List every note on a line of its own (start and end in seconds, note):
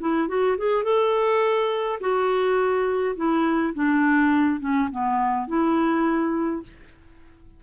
0.00 0.28 E4
0.28 0.57 F#4
0.57 0.84 G#4
0.84 1.99 A4
2.00 3.16 F#4
3.16 3.74 E4
3.74 4.60 D4
4.60 4.89 C#4
4.91 5.47 B3
5.47 6.63 E4